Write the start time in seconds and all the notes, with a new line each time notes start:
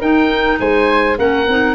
0.00 D#4 A#4 G5
0.60 G#3 C5 G#5
1.18 A#3 C#4 A#4 F#5
1.47 C4 D#4